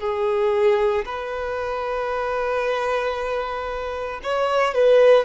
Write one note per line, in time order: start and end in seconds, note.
0.00 1.05 G#4
1.06 4.22 B4
4.23 4.75 C#5
4.75 5.25 B4